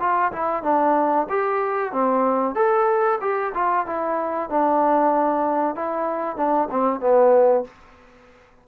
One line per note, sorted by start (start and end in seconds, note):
0.00 0.32 F4
0.32 0.63 E4
0.63 1.27 D4
1.29 1.92 G4
1.92 2.55 C4
2.55 3.19 A4
3.21 3.53 G4
3.54 3.86 F4
3.86 4.50 E4
4.50 5.75 D4
5.75 6.37 E4
6.37 6.69 D4
6.71 7.00 C4
7.00 7.64 B3